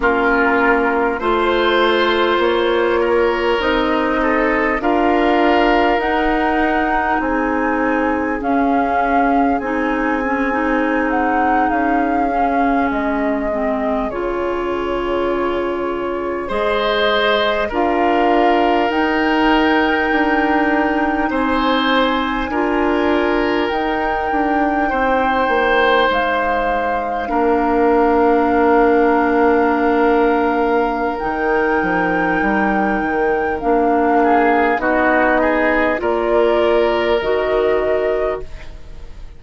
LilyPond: <<
  \new Staff \with { instrumentName = "flute" } { \time 4/4 \tempo 4 = 50 ais'4 c''4 cis''4 dis''4 | f''4 fis''4 gis''4 f''4 | gis''4~ gis''16 fis''8 f''4 dis''4 cis''16~ | cis''4.~ cis''16 dis''4 f''4 g''16~ |
g''4.~ g''16 gis''2 g''16~ | g''4.~ g''16 f''2~ f''16~ | f''2 g''2 | f''4 dis''4 d''4 dis''4 | }
  \new Staff \with { instrumentName = "oboe" } { \time 4/4 f'4 c''4. ais'4 a'8 | ais'2 gis'2~ | gis'1~ | gis'4.~ gis'16 c''4 ais'4~ ais'16~ |
ais'4.~ ais'16 c''4 ais'4~ ais'16~ | ais'8. c''2 ais'4~ ais'16~ | ais'1~ | ais'8 gis'8 fis'8 gis'8 ais'2 | }
  \new Staff \with { instrumentName = "clarinet" } { \time 4/4 cis'4 f'2 dis'4 | f'4 dis'2 cis'4 | dis'8 cis'16 dis'4. cis'4 c'8 f'16~ | f'4.~ f'16 gis'4 f'4 dis'16~ |
dis'2~ dis'8. f'4 dis'16~ | dis'2~ dis'8. d'4~ d'16~ | d'2 dis'2 | d'4 dis'4 f'4 fis'4 | }
  \new Staff \with { instrumentName = "bassoon" } { \time 4/4 ais4 a4 ais4 c'4 | d'4 dis'4 c'4 cis'4 | c'4.~ c'16 cis'4 gis4 cis16~ | cis4.~ cis16 gis4 d'4 dis'16~ |
dis'8. d'4 c'4 d'4 dis'16~ | dis'16 d'8 c'8 ais8 gis4 ais4~ ais16~ | ais2 dis8 f8 g8 dis8 | ais4 b4 ais4 dis4 | }
>>